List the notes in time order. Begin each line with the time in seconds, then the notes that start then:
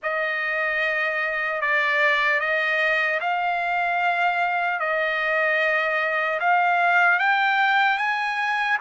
0.03 D#5
1.61 D5
2.40 D#5
3.20 F5
4.79 D#5
6.40 F5
7.19 G5
7.98 G#5